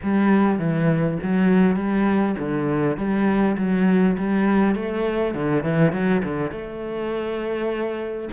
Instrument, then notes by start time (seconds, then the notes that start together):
cello
0.02 G3
0.58 E3
1.23 F#3
1.76 G3
2.38 D3
2.97 G3
3.57 F#3
4.17 G3
4.75 A3
5.34 D3
5.63 E3
5.92 F#3
6.24 D3
6.51 A3